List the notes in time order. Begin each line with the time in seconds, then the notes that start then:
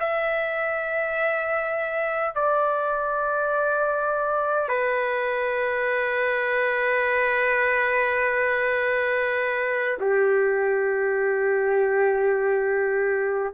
0.00 E5
2.35 D5
4.68 B4
10.01 G4